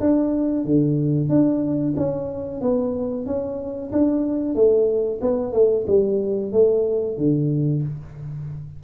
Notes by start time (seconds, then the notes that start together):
0.00 D4
0.65 D3
1.29 D4
1.97 C#4
2.61 B3
3.26 C#4
3.92 D4
4.55 A3
5.21 B3
5.53 A3
5.87 G3
6.52 A3
7.17 D3